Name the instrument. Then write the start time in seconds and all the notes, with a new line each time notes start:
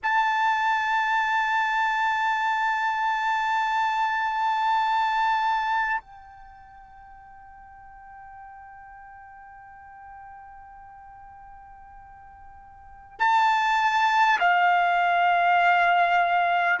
trumpet
0.03 A5
6.01 G5
13.19 A5
14.39 F5